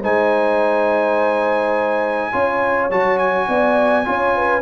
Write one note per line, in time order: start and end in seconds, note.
0.00 2.33 G#3
0.00 2.32 D#4
0.00 2.31 C5
0.00 2.91 G#5
2.32 2.90 C#4
2.32 2.90 F4
2.32 3.47 C#5
2.90 3.48 F#3
2.90 4.05 F#4
2.90 3.18 A5
3.18 4.62 G#5
3.48 4.06 B3
3.48 4.06 D5
4.05 4.62 C#4
4.05 4.62 F4
4.05 4.35 C#5
4.35 4.62 B4